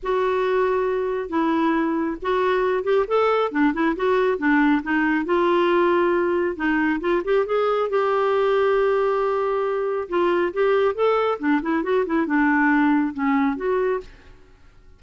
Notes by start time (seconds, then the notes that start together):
0.02 F#4
1.29 E4
2.21 F#4
2.83 G4
3.07 A4
3.51 D4
3.73 E4
3.96 F#4
4.38 D4
4.82 D#4
5.25 F4
6.56 D#4
7.00 F4
7.24 G4
7.46 G#4
7.89 G4
10.08 F4
10.53 G4
10.94 A4
11.39 D4
11.62 E4
11.83 F#4
12.06 E4
12.26 D4
13.13 C#4
13.56 F#4